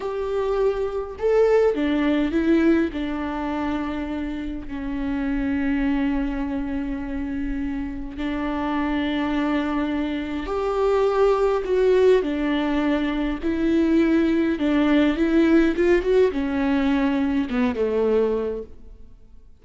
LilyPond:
\new Staff \with { instrumentName = "viola" } { \time 4/4 \tempo 4 = 103 g'2 a'4 d'4 | e'4 d'2. | cis'1~ | cis'2 d'2~ |
d'2 g'2 | fis'4 d'2 e'4~ | e'4 d'4 e'4 f'8 fis'8 | cis'2 b8 a4. | }